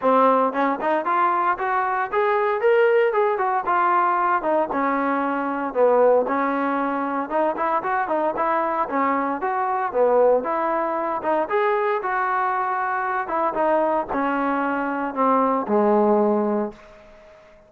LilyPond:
\new Staff \with { instrumentName = "trombone" } { \time 4/4 \tempo 4 = 115 c'4 cis'8 dis'8 f'4 fis'4 | gis'4 ais'4 gis'8 fis'8 f'4~ | f'8 dis'8 cis'2 b4 | cis'2 dis'8 e'8 fis'8 dis'8 |
e'4 cis'4 fis'4 b4 | e'4. dis'8 gis'4 fis'4~ | fis'4. e'8 dis'4 cis'4~ | cis'4 c'4 gis2 | }